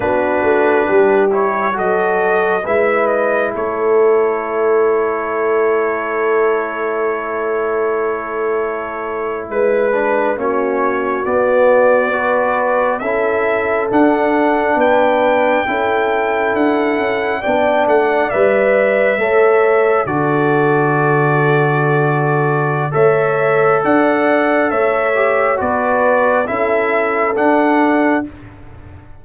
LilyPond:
<<
  \new Staff \with { instrumentName = "trumpet" } { \time 4/4 \tempo 4 = 68 b'4. cis''8 dis''4 e''8 dis''8 | cis''1~ | cis''2~ cis''8. b'4 cis''16~ | cis''8. d''2 e''4 fis''16~ |
fis''8. g''2 fis''4 g''16~ | g''16 fis''8 e''2 d''4~ d''16~ | d''2 e''4 fis''4 | e''4 d''4 e''4 fis''4 | }
  \new Staff \with { instrumentName = "horn" } { \time 4/4 fis'4 g'4 a'4 b'4 | a'1~ | a'2~ a'8. b'4 fis'16~ | fis'4.~ fis'16 b'4 a'4~ a'16~ |
a'8. b'4 a'2 d''16~ | d''4.~ d''16 cis''4 a'4~ a'16~ | a'2 cis''4 d''4 | cis''4 b'4 a'2 | }
  \new Staff \with { instrumentName = "trombone" } { \time 4/4 d'4. e'8 fis'4 e'4~ | e'1~ | e'2.~ e'16 d'8 cis'16~ | cis'8. b4 fis'4 e'4 d'16~ |
d'4.~ d'16 e'2 d'16~ | d'8. b'4 a'4 fis'4~ fis'16~ | fis'2 a'2~ | a'8 g'8 fis'4 e'4 d'4 | }
  \new Staff \with { instrumentName = "tuba" } { \time 4/4 b8 a8 g4 fis4 gis4 | a1~ | a2~ a8. gis4 ais16~ | ais8. b2 cis'4 d'16~ |
d'8. b4 cis'4 d'8 cis'8 b16~ | b16 a8 g4 a4 d4~ d16~ | d2 a4 d'4 | a4 b4 cis'4 d'4 | }
>>